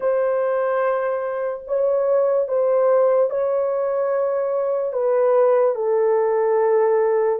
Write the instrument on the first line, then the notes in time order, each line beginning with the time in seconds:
horn
0.00 C5
1.67 C#5
2.48 C5
3.30 C#5
4.92 B4
5.75 A4